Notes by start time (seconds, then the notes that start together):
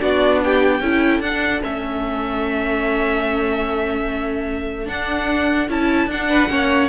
0.00 B3 D4 F#4 D5
0.44 G4 G5
0.81 C#4 E4 A4
1.20 D4 F#5
1.61 A3 C#4 E5
4.85 D4 F#5
5.69 C#4 E4 A5
6.07 D4 F#5
6.29 B4
6.49 A#3 C#4 C#5